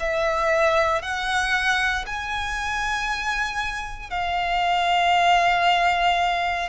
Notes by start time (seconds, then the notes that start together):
0.00 E5
1.02 F#5
2.06 G#5
4.11 F5